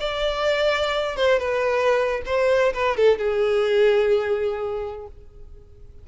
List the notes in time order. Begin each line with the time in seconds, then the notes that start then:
0.00 D5
1.16 C5
1.39 B4
2.26 C5
2.73 B4
2.97 A4
3.18 G#4